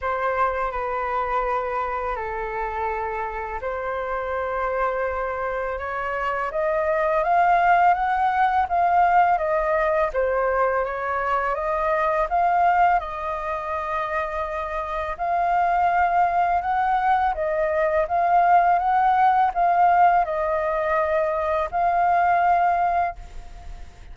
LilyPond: \new Staff \with { instrumentName = "flute" } { \time 4/4 \tempo 4 = 83 c''4 b'2 a'4~ | a'4 c''2. | cis''4 dis''4 f''4 fis''4 | f''4 dis''4 c''4 cis''4 |
dis''4 f''4 dis''2~ | dis''4 f''2 fis''4 | dis''4 f''4 fis''4 f''4 | dis''2 f''2 | }